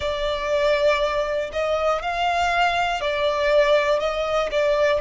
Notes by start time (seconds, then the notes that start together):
0.00 D5
1.52 D#5
2.02 F5
3.00 D5
4.00 D#5
4.50 D5